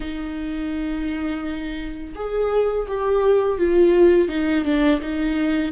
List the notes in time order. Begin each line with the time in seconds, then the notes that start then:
0.00 D#4
2.15 G#4
2.87 G4
3.57 F4
4.28 D#4
4.64 D4
5.01 D#4